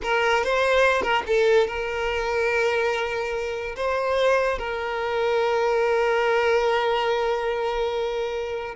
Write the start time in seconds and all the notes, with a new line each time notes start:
0.02 A#4
0.44 C5
1.02 A#4
1.26 A4
1.67 A#4
3.75 C5
4.58 A#4